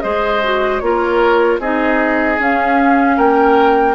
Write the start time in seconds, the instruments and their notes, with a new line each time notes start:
0.00 bassoon G#3, clarinet G#4, oboe C5, flute D#5
0.43 clarinet F#4
0.79 bassoon A#3, clarinet F4, flute C#5
0.85 oboe A#4
1.59 bassoon C4, clarinet D#4, oboe G#4, flute D#5
2.38 clarinet C#4, bassoon C#4, flute F5
3.16 bassoon A#3, oboe A#4, flute G5